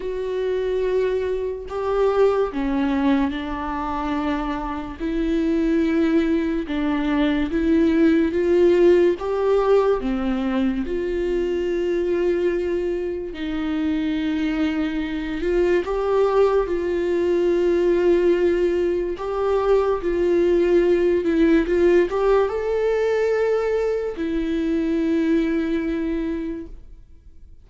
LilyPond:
\new Staff \with { instrumentName = "viola" } { \time 4/4 \tempo 4 = 72 fis'2 g'4 cis'4 | d'2 e'2 | d'4 e'4 f'4 g'4 | c'4 f'2. |
dis'2~ dis'8 f'8 g'4 | f'2. g'4 | f'4. e'8 f'8 g'8 a'4~ | a'4 e'2. | }